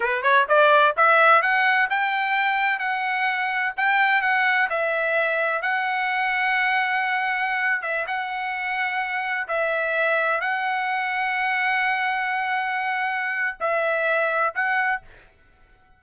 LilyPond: \new Staff \with { instrumentName = "trumpet" } { \time 4/4 \tempo 4 = 128 b'8 cis''8 d''4 e''4 fis''4 | g''2 fis''2 | g''4 fis''4 e''2 | fis''1~ |
fis''8. e''8 fis''2~ fis''8.~ | fis''16 e''2 fis''4.~ fis''16~ | fis''1~ | fis''4 e''2 fis''4 | }